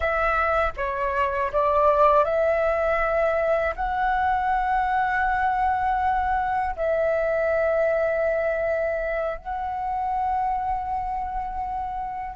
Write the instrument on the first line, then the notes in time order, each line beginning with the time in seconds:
flute
0.00 E5
0.76 C#5
1.52 D5
2.24 E5
3.75 F#5
6.76 E5
9.37 F#5